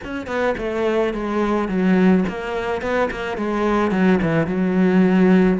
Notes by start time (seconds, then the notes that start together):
0.04 C#4
0.27 B3
0.57 A3
1.13 G#3
1.68 F#3
2.28 A#3
2.81 B3
3.10 A#3
3.37 G#3
3.91 F#3
4.22 E3
4.46 F#3